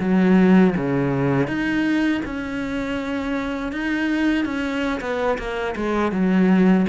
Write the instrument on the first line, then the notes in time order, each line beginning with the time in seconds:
cello
0.00 F#3
0.77 C#3
1.47 D#4
2.25 C#4
3.72 D#4
4.45 C#4
5.01 B3
5.38 A#3
5.76 G#3
6.12 F#3